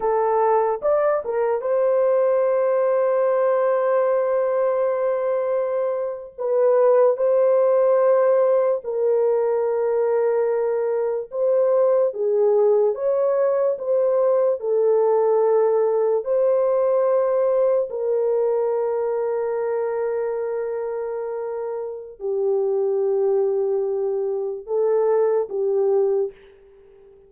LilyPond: \new Staff \with { instrumentName = "horn" } { \time 4/4 \tempo 4 = 73 a'4 d''8 ais'8 c''2~ | c''2.~ c''8. b'16~ | b'8. c''2 ais'4~ ais'16~ | ais'4.~ ais'16 c''4 gis'4 cis''16~ |
cis''8. c''4 a'2 c''16~ | c''4.~ c''16 ais'2~ ais'16~ | ais'2. g'4~ | g'2 a'4 g'4 | }